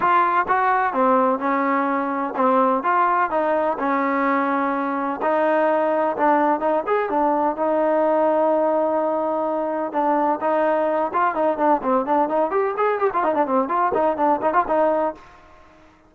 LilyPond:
\new Staff \with { instrumentName = "trombone" } { \time 4/4 \tempo 4 = 127 f'4 fis'4 c'4 cis'4~ | cis'4 c'4 f'4 dis'4 | cis'2. dis'4~ | dis'4 d'4 dis'8 gis'8 d'4 |
dis'1~ | dis'4 d'4 dis'4. f'8 | dis'8 d'8 c'8 d'8 dis'8 g'8 gis'8 g'16 f'16 | dis'16 d'16 c'8 f'8 dis'8 d'8 dis'16 f'16 dis'4 | }